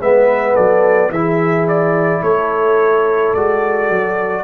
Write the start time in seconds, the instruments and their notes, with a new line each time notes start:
0.00 tuba G#3, trombone B3, horn B4, trumpet E5
0.55 tuba F#3, horn A4, trumpet D5
1.10 tuba E3, trombone E4, horn G#4, trumpet E5
1.68 trumpet D5
2.22 tuba A3, horn A4, trumpet C#5
3.34 tuba G#3, trombone F#4, trumpet D5
3.89 tuba F#3